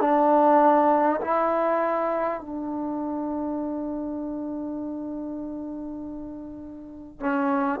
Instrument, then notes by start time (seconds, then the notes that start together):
trombone
0.00 D4
1.21 E4
2.40 D4
7.20 C#4